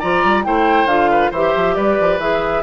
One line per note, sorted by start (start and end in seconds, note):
0.00 0.24 F3
0.00 0.44 F4
0.00 0.44 D5
0.00 0.44 A#5
0.24 0.46 G3
0.44 0.85 A3
0.44 0.88 E4
0.44 1.11 C5
0.44 0.87 G5
0.85 1.29 D3
0.85 1.33 F4
0.85 1.31 F5
1.11 1.31 B4
1.31 1.54 E3
1.31 2.20 G4
1.31 1.75 C5
1.31 1.76 E5
1.56 1.77 F3
1.76 1.99 G3
1.76 2.64 B4
1.76 2.19 D5
2.01 2.19 F3
2.19 2.62 E3
2.19 2.64 G#4
2.19 2.64 E5